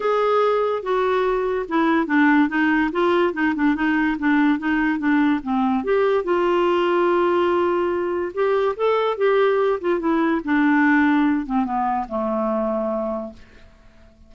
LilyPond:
\new Staff \with { instrumentName = "clarinet" } { \time 4/4 \tempo 4 = 144 gis'2 fis'2 | e'4 d'4 dis'4 f'4 | dis'8 d'8 dis'4 d'4 dis'4 | d'4 c'4 g'4 f'4~ |
f'1 | g'4 a'4 g'4. f'8 | e'4 d'2~ d'8 c'8 | b4 a2. | }